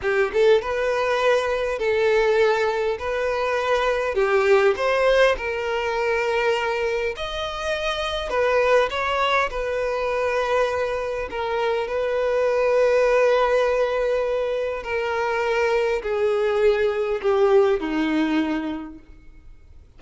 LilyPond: \new Staff \with { instrumentName = "violin" } { \time 4/4 \tempo 4 = 101 g'8 a'8 b'2 a'4~ | a'4 b'2 g'4 | c''4 ais'2. | dis''2 b'4 cis''4 |
b'2. ais'4 | b'1~ | b'4 ais'2 gis'4~ | gis'4 g'4 dis'2 | }